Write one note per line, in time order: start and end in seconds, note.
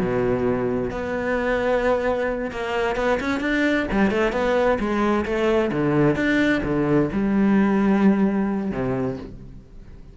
0.00 0.91 B2
0.91 2.51 B3
2.51 2.96 A#3
2.96 3.19 B3
3.21 3.41 C#4
3.41 3.86 D4
3.92 4.11 G3
4.11 4.33 A3
4.33 4.78 B3
4.80 5.25 G#3
5.26 5.71 A3
5.72 6.16 D3
6.16 6.62 D4
6.64 7.10 D3
7.13 8.71 G3
8.71 9.17 C3